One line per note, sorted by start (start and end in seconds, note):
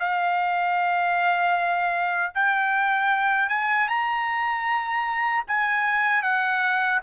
0.00 2.34 F5
2.35 3.50 G5
3.50 3.89 G#5
3.89 5.45 A#5
5.48 6.23 G#5
6.23 7.01 F#5